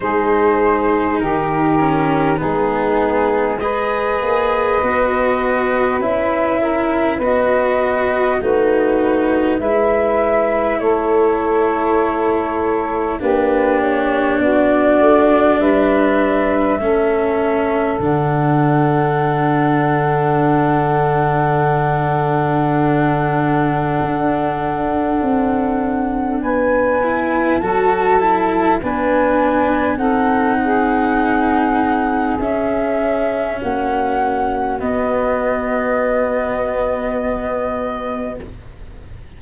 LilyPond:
<<
  \new Staff \with { instrumentName = "flute" } { \time 4/4 \tempo 4 = 50 c''4 ais'4 gis'4 dis''4~ | dis''4 e''4 dis''4 b'4 | e''4 cis''2 b'8 cis''8 | d''4 e''2 fis''4~ |
fis''1~ | fis''2 gis''4 a''4 | gis''4 fis''2 e''4 | fis''4 dis''2. | }
  \new Staff \with { instrumentName = "saxophone" } { \time 4/4 gis'4 g'4 dis'4 b'4~ | b'4. ais'8 b'4 fis'4 | b'4 a'2 g'4 | fis'4 b'4 a'2~ |
a'1~ | a'2 b'4 a'4 | b'4 a'8 gis'2~ gis'8 | fis'1 | }
  \new Staff \with { instrumentName = "cello" } { \time 4/4 dis'4. cis'8 b4 gis'4 | fis'4 e'4 fis'4 dis'4 | e'2. d'4~ | d'2 cis'4 d'4~ |
d'1~ | d'2~ d'8 e'8 fis'8 e'8 | d'4 dis'2 cis'4~ | cis'4 b2. | }
  \new Staff \with { instrumentName = "tuba" } { \time 4/4 gis4 dis4 gis4. ais8 | b4 cis'4 b4 a4 | gis4 a2 ais4 | b8 a8 g4 a4 d4~ |
d1 | d'4 c'4 b4 fis4 | b4 c'2 cis'4 | ais4 b2. | }
>>